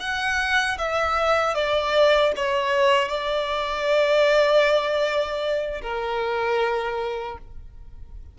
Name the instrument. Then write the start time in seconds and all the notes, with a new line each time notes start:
violin
0.00 F#5
0.79 E5
1.55 D5
2.37 C#5
3.09 D5
5.82 A#4